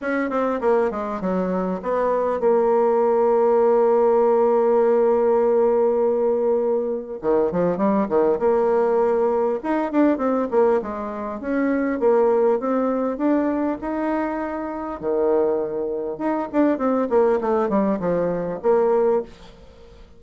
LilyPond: \new Staff \with { instrumentName = "bassoon" } { \time 4/4 \tempo 4 = 100 cis'8 c'8 ais8 gis8 fis4 b4 | ais1~ | ais1 | dis8 f8 g8 dis8 ais2 |
dis'8 d'8 c'8 ais8 gis4 cis'4 | ais4 c'4 d'4 dis'4~ | dis'4 dis2 dis'8 d'8 | c'8 ais8 a8 g8 f4 ais4 | }